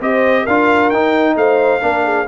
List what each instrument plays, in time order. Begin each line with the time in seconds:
0.00 tuba C4, trombone G4, horn C5, trumpet D#5
0.43 tuba D4, horn A#4, trumpet F5
0.49 trombone F4
0.89 tuba D#4, trombone D#4, trumpet G5
1.35 tuba A3, horn C5, trumpet F5
1.80 tuba A#3, trombone D4
1.86 horn A#4
2.04 horn G#4